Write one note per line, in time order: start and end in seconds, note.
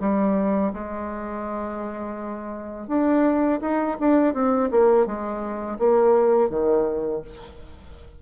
0.00 0.72 G3
0.73 2.87 G#3
2.87 3.59 D4
3.61 3.97 D#4
4.00 4.34 D4
4.34 4.70 C4
4.71 5.06 A#3
5.06 5.78 G#3
5.79 6.49 A#3
6.49 7.22 D#3